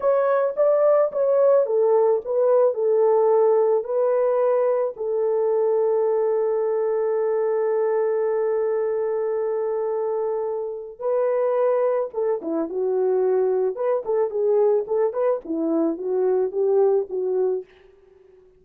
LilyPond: \new Staff \with { instrumentName = "horn" } { \time 4/4 \tempo 4 = 109 cis''4 d''4 cis''4 a'4 | b'4 a'2 b'4~ | b'4 a'2.~ | a'1~ |
a'1 | b'2 a'8 e'8 fis'4~ | fis'4 b'8 a'8 gis'4 a'8 b'8 | e'4 fis'4 g'4 fis'4 | }